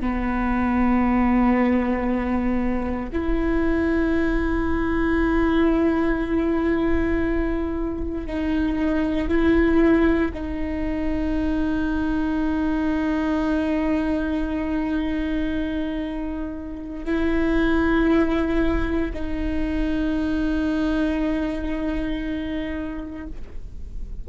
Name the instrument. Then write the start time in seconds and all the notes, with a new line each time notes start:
viola
0.00 B3
3.12 E4
8.27 D#4
9.28 E4
10.34 D#4
17.05 E4
19.13 D#4